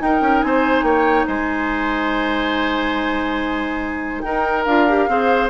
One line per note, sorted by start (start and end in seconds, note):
0.00 0.21 D#4
0.00 4.67 D#4
0.00 0.46 A#4
0.00 0.42 G5
0.21 0.42 C#4
0.42 0.82 C4
0.42 0.85 C5
0.42 0.83 G#5
0.82 1.24 A#3
0.82 1.26 C#5
0.82 1.25 G5
1.26 4.23 G#3
1.26 4.22 C5
1.26 4.21 G#5
4.21 4.66 D#4
4.21 5.09 A#4
4.21 4.64 G5
4.64 5.08 D4
4.64 4.88 F4
4.64 5.48 F5
4.88 5.08 G4
5.08 5.50 C4
5.08 5.50 G#4
5.08 5.50 C5